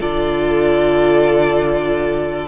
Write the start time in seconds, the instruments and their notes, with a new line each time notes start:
0.00 cello D3, viola F4, violin A4 D5